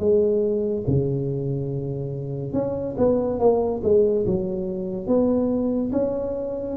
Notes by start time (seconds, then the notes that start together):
0.00 G#3
0.88 C#3
2.54 C#4
2.98 B3
3.40 A#3
3.84 G#3
4.26 F#3
5.07 B3
5.93 C#4